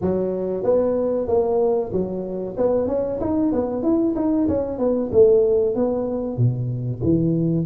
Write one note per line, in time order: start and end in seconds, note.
0.01 0.63 F#3
0.63 1.27 B3
1.27 1.91 A#3
1.92 2.56 F#3
2.57 2.87 B3
2.87 3.19 C#4
3.20 3.52 D#4
3.52 3.83 B3
3.83 4.15 E4
4.15 4.47 D#4
4.47 4.78 C#4
4.78 5.10 B3
5.12 5.75 A3
5.75 6.37 B3
6.37 7.01 B2
7.03 7.65 E3